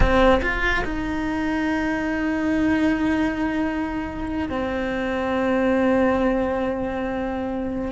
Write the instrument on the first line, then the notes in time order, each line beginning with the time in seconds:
cello
0.00 C4
0.41 F4
0.84 D#4
4.49 C4